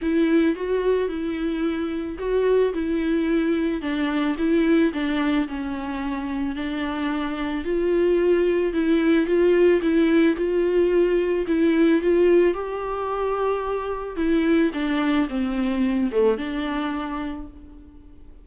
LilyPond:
\new Staff \with { instrumentName = "viola" } { \time 4/4 \tempo 4 = 110 e'4 fis'4 e'2 | fis'4 e'2 d'4 | e'4 d'4 cis'2 | d'2 f'2 |
e'4 f'4 e'4 f'4~ | f'4 e'4 f'4 g'4~ | g'2 e'4 d'4 | c'4. a8 d'2 | }